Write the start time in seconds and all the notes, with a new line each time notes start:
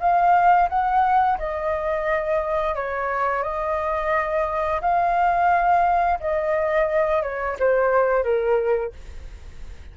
0.00 F5
0.69 F#5
1.39 D#5
2.75 C#5
3.43 D#5
4.81 F5
6.20 D#5
7.22 C#5
7.59 C5
8.24 A#4